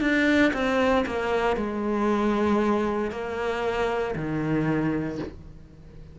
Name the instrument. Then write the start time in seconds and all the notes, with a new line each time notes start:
cello
0.00 D4
0.53 C4
1.06 A#3
1.57 G#3
3.11 A#3
4.15 D#3